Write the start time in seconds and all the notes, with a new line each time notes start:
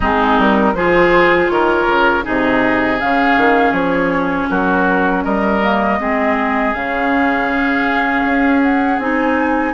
0.00 G#3 C4 D#4 G#4
0.38 G3 A#4
0.73 F3 F4 G#4 C5
1.49 D#3 A#4 C#5
1.85 C#3
2.23 C3 D#4 G#4 D#5
3.00 C#3 C#4 F5
3.36 D#3
3.72 F3 C#5
4.49 F#3 F#4 A#4
5.23 G3 A#4 D#5
5.62 A#3
5.99 G#3 C4 G#4
6.73 C#3 C#4 F5
8.25 C#4
8.62 F#5
8.98 C4 D#4 G#5